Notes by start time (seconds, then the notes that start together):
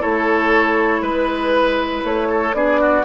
0.00 A3 E4 A4 C#5
1.02 G#3 B4
2.04 A3 C#5
2.30 A4
2.54 B3 D4 G#4 D5
2.80 F#4